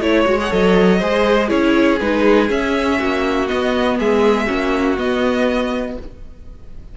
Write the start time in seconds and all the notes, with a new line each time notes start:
0.00 A3 E4 C#5
0.25 G#3 F#4
0.40 G#4 F#5
0.50 F#3 A4 D#5
0.99 G#3 G#4 C5
1.48 C#4 E4 G#4 C#5
1.99 G#3 D#4 B4
2.48 C#4 E5
2.98 A#3 F#4
3.47 B3 D#5
3.99 G#3 G#4 E5
4.46 A#3 C#4 F#4
4.98 B3 D#5